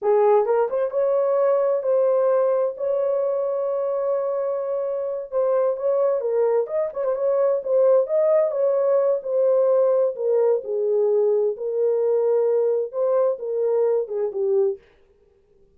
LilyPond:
\new Staff \with { instrumentName = "horn" } { \time 4/4 \tempo 4 = 130 gis'4 ais'8 c''8 cis''2 | c''2 cis''2~ | cis''2.~ cis''8 c''8~ | c''8 cis''4 ais'4 dis''8 cis''16 c''16 cis''8~ |
cis''8 c''4 dis''4 cis''4. | c''2 ais'4 gis'4~ | gis'4 ais'2. | c''4 ais'4. gis'8 g'4 | }